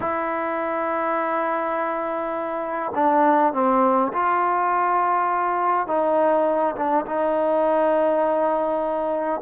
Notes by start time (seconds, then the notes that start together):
0.00 E4
2.94 D4
3.53 C4
4.13 F4
5.87 D#4
6.75 D4
7.05 D#4